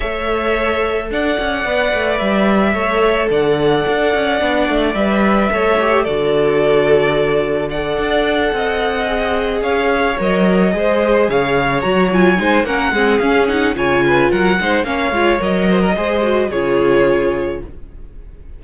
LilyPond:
<<
  \new Staff \with { instrumentName = "violin" } { \time 4/4 \tempo 4 = 109 e''2 fis''2 | e''2 fis''2~ | fis''4 e''2 d''4~ | d''2 fis''2~ |
fis''4. f''4 dis''4.~ | dis''8 f''4 ais''8 gis''4 fis''4 | f''8 fis''8 gis''4 fis''4 f''4 | dis''2 cis''2 | }
  \new Staff \with { instrumentName = "violin" } { \time 4/4 cis''2 d''2~ | d''4 cis''4 d''2~ | d''2 cis''4 a'4~ | a'2 d''4. dis''8~ |
dis''4. cis''2 c''8~ | c''8 cis''2 c''8 ais'8 gis'8~ | gis'4 cis''8 b'8 ais'8 c''8 cis''4~ | cis''8 c''16 ais'16 c''4 gis'2 | }
  \new Staff \with { instrumentName = "viola" } { \time 4/4 a'2. b'4~ | b'4 a'2. | d'4 b'4 a'8 g'8 fis'4~ | fis'2 a'2~ |
a'8 gis'2 ais'4 gis'8~ | gis'4. fis'8 f'8 dis'8 cis'8 c'8 | cis'8 dis'8 f'4. dis'8 cis'8 f'8 | ais'4 gis'8 fis'8 f'2 | }
  \new Staff \with { instrumentName = "cello" } { \time 4/4 a2 d'8 cis'8 b8 a8 | g4 a4 d4 d'8 cis'8 | b8 a8 g4 a4 d4~ | d2~ d8 d'4 c'8~ |
c'4. cis'4 fis4 gis8~ | gis8 cis4 fis4 gis8 ais8 gis8 | cis'4 cis4 fis8 gis8 ais8 gis8 | fis4 gis4 cis2 | }
>>